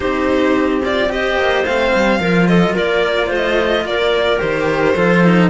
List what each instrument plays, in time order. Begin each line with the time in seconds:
0.00 cello C4 D#4, clarinet G4, violin C5
0.84 cello F4, violin D5
1.09 cello G4, clarinet C5, violin D#5
1.36 cello A#3
1.65 cello A3 C4, violin F5
1.94 cello G3
2.19 cello F3 F4, clarinet A#4
2.47 clarinet A4, violin D#5
2.74 cello A#3, clarinet A#4, violin D5
3.26 cello A3, clarinet C5
3.35 violin D#5
3.85 cello A#3, clarinet A#4, violin D5
4.38 cello D#3 G4, violin C5
4.95 cello F3 F4, clarinet A4
5.24 cello D#4